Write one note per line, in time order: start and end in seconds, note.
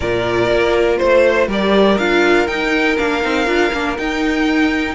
0.00 0.50 A#2
0.00 1.49 F4
0.00 0.98 A#4
0.00 0.97 D5
0.50 1.00 A#3
0.97 1.47 A3
0.97 1.47 C5
0.97 1.48 C5
1.47 1.97 G3
1.47 1.98 G4
1.47 4.95 A#4
1.47 1.98 D5
1.98 2.47 D4
1.98 2.47 F4
1.98 2.47 F5
2.47 2.97 D#4
2.47 2.96 G5
2.97 3.24 A#3
2.97 3.22 D4
2.97 3.96 F5
3.22 3.47 C4
3.22 3.46 D#4
3.46 3.71 D4
3.46 3.71 F4
3.72 3.97 A#3
3.72 3.97 D4
3.97 4.95 D#4
3.97 4.95 G5